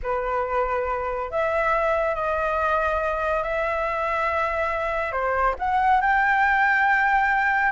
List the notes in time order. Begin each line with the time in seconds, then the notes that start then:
0.02 B4
1.31 E5
2.14 D#5
3.43 E5
5.12 C5
5.58 F#5
6.01 G5